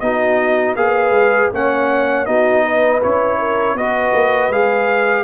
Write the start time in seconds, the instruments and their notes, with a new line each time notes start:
0.00 tuba B3, trombone D#4, horn F#4, trumpet D#5
0.76 tuba A#3, trombone G#4, horn B4, trumpet F5
1.10 tuba G#3
1.53 tuba A#3, trombone C#4, horn C#5, trumpet F#5
2.26 tuba B3, trombone D#4, horn F#4, trumpet D#5
2.63 horn B4
3.03 tuba C#4, trombone E4, trumpet C#5
3.39 horn A#4
3.75 tuba B3, trombone F#4, horn B4, trumpet D#5
4.13 tuba A#3
4.49 tuba G#3, trombone G#4, trumpet F5